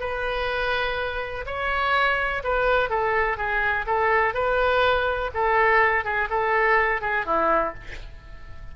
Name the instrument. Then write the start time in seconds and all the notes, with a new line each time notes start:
oboe
0.00 B4
1.46 C#5
2.43 B4
2.89 A4
3.37 G#4
3.86 A4
4.34 B4
5.34 A4
6.04 G#4
6.30 A4
7.01 G#4
7.25 E4